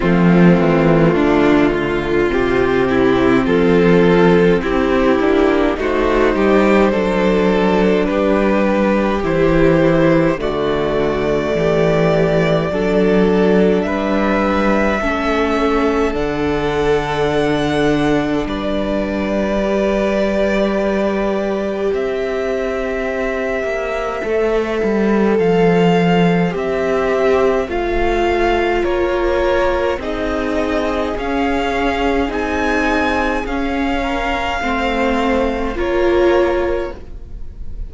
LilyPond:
<<
  \new Staff \with { instrumentName = "violin" } { \time 4/4 \tempo 4 = 52 f'2 g'4 a'4 | g'4 c''2 b'4 | c''4 d''2. | e''2 fis''2 |
d''2. e''4~ | e''2 f''4 e''4 | f''4 cis''4 dis''4 f''4 | gis''4 f''2 cis''4 | }
  \new Staff \with { instrumentName = "violin" } { \time 4/4 c'4 d'8 f'4 e'8 f'4 | e'4 fis'8 g'8 a'4 g'4~ | g'4 fis'4 g'4 a'4 | b'4 a'2. |
b'2. c''4~ | c''1~ | c''4 ais'4 gis'2~ | gis'4. ais'8 c''4 ais'4 | }
  \new Staff \with { instrumentName = "viola" } { \time 4/4 a2 c'2~ | c'8 d'8 dis'4 d'2 | e'4 a2 d'4~ | d'4 cis'4 d'2~ |
d'4 g'2.~ | g'4 a'2 g'4 | f'2 dis'4 cis'4 | dis'4 cis'4 c'4 f'4 | }
  \new Staff \with { instrumentName = "cello" } { \time 4/4 f8 e8 d4 c4 f4 | c'8 ais8 a8 g8 fis4 g4 | e4 d4 e4 fis4 | g4 a4 d2 |
g2. c'4~ | c'8 ais8 a8 g8 f4 c'4 | a4 ais4 c'4 cis'4 | c'4 cis'4 a4 ais4 | }
>>